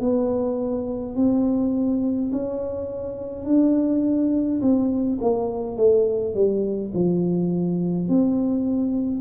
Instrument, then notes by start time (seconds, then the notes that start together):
tuba
0.00 B3
1.15 C4
2.32 C#4
3.45 D4
4.61 C4
5.21 A#3
5.76 A3
6.34 G3
6.94 F3
8.08 C4